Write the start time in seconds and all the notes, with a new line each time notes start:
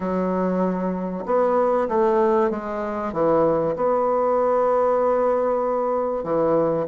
0.00 F#3
1.25 B3
1.88 A3
2.50 G#3
3.12 E3
3.76 B3
6.23 E3